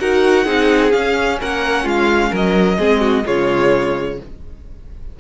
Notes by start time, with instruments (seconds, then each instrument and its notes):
0.00 cello D#4, viola F#4, violin A#4 F#5
0.45 cello C4, viola D#4, violin G#4
0.91 viola C#4, cello C#4, violin F5
1.41 cello A#3, violin A#4 F#5
1.84 cello G#3, violin F4 F5
2.31 cello F#3, violin A#4 D#5
2.78 cello G#3, viola C4, violin G#4
3.01 violin F#4
3.24 cello C#3, viola G#3, violin F4 C#5